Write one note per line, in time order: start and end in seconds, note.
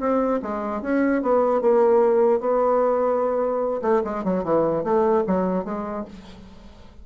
0.00 0.40 C4
0.42 0.82 G#3
0.82 1.22 C#4
1.23 1.61 B3
1.61 2.40 A#3
2.40 3.81 B3
3.82 4.02 A3
4.04 4.24 G#3
4.24 4.44 F#3
4.44 4.84 E3
4.84 5.24 A3
5.27 5.65 F#3
5.65 6.05 G#3